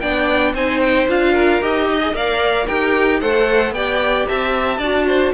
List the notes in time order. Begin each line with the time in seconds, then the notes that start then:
0.00 B3 D4 D5 G5
0.53 C4 D#4 C5 G#5
0.80 G5
1.08 D4 F4 F5
1.33 A#4
1.61 D#4 G4 D#5
1.90 D#5
2.01 G#4
2.13 A#3 A#4 D5 F5
2.66 D#4 G4 A#4 G5
3.20 A3 A4 C5 F#5
3.71 B3 G4 D5 G5
4.28 C4 E5 A5
4.78 D4 F#4 D5
5.07 C5